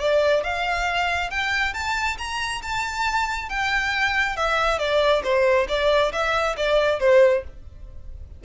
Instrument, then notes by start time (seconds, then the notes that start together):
violin
0.00 D5
0.44 F5
1.31 G5
1.74 A5
2.18 A#5
2.63 A5
3.50 G5
4.37 E5
4.79 D5
5.24 C5
5.69 D5
6.13 E5
6.57 D5
7.00 C5